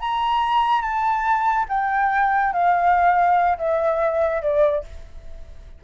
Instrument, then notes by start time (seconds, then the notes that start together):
flute
0.00 A#5
0.82 A5
1.69 G5
2.53 F5
3.58 E5
4.42 D5